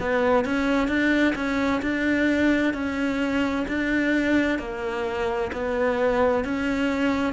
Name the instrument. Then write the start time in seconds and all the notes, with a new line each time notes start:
cello
0.00 B3
0.45 C#4
0.88 D4
1.36 C#4
1.82 D4
2.74 C#4
3.68 D4
4.59 A#3
5.53 B3
6.45 C#4